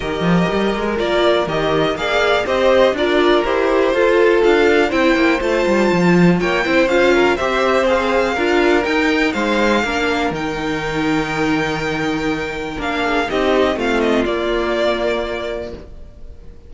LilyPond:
<<
  \new Staff \with { instrumentName = "violin" } { \time 4/4 \tempo 4 = 122 dis''2 d''4 dis''4 | f''4 dis''4 d''4 c''4~ | c''4 f''4 g''4 a''4~ | a''4 g''4 f''4 e''4 |
f''2 g''4 f''4~ | f''4 g''2.~ | g''2 f''4 dis''4 | f''8 dis''8 d''2. | }
  \new Staff \with { instrumentName = "violin" } { \time 4/4 ais'1 | d''4 c''4 ais'2 | a'2 c''2~ | c''4 cis''8 c''4 ais'8 c''4~ |
c''4 ais'2 c''4 | ais'1~ | ais'2~ ais'8 gis'8 g'4 | f'1 | }
  \new Staff \with { instrumentName = "viola" } { \time 4/4 g'2 f'4 g'4 | gis'4 g'4 f'4 g'4 | f'2 e'4 f'4~ | f'4. e'8 f'4 g'4 |
gis'4 f'4 dis'2 | d'4 dis'2.~ | dis'2 d'4 dis'4 | c'4 ais2. | }
  \new Staff \with { instrumentName = "cello" } { \time 4/4 dis8 f8 g8 gis8 ais4 dis4 | ais4 c'4 d'4 e'4 | f'4 d'4 c'8 ais8 a8 g8 | f4 ais8 c'8 cis'4 c'4~ |
c'4 d'4 dis'4 gis4 | ais4 dis2.~ | dis2 ais4 c'4 | a4 ais2. | }
>>